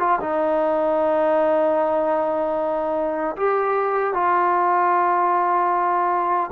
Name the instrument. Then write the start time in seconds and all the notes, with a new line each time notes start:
trombone
0.00 F4
0.21 D#4
3.37 G4
4.14 F4